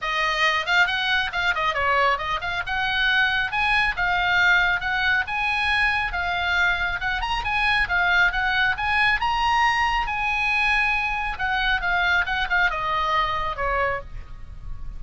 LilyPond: \new Staff \with { instrumentName = "oboe" } { \time 4/4 \tempo 4 = 137 dis''4. f''8 fis''4 f''8 dis''8 | cis''4 dis''8 f''8 fis''2 | gis''4 f''2 fis''4 | gis''2 f''2 |
fis''8 ais''8 gis''4 f''4 fis''4 | gis''4 ais''2 gis''4~ | gis''2 fis''4 f''4 | fis''8 f''8 dis''2 cis''4 | }